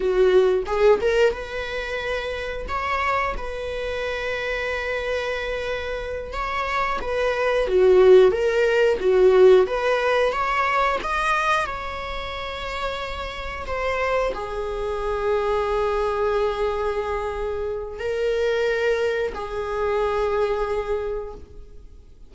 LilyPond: \new Staff \with { instrumentName = "viola" } { \time 4/4 \tempo 4 = 90 fis'4 gis'8 ais'8 b'2 | cis''4 b'2.~ | b'4. cis''4 b'4 fis'8~ | fis'8 ais'4 fis'4 b'4 cis''8~ |
cis''8 dis''4 cis''2~ cis''8~ | cis''8 c''4 gis'2~ gis'8~ | gis'2. ais'4~ | ais'4 gis'2. | }